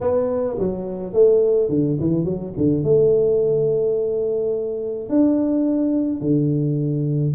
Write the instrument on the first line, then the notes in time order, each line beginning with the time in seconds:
tuba
0.01 B3
0.58 F#3
1.13 A3
1.69 D3
1.99 E3
2.24 F#3
2.57 D3
2.83 A3
5.09 D4
6.21 D3